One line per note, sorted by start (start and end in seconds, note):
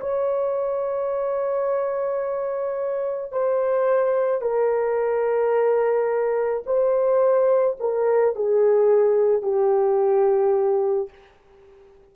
0.00 3.32 C#5
3.32 4.41 C5
4.41 6.64 A#4
6.66 7.77 C5
7.80 8.36 A#4
8.36 9.42 G#4
9.42 11.09 G4